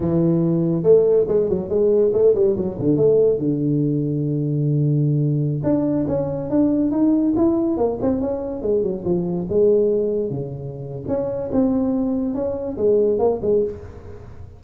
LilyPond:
\new Staff \with { instrumentName = "tuba" } { \time 4/4 \tempo 4 = 141 e2 a4 gis8 fis8 | gis4 a8 g8 fis8 d8 a4 | d1~ | d4~ d16 d'4 cis'4 d'8.~ |
d'16 dis'4 e'4 ais8 c'8 cis'8.~ | cis'16 gis8 fis8 f4 gis4.~ gis16~ | gis16 cis4.~ cis16 cis'4 c'4~ | c'4 cis'4 gis4 ais8 gis8 | }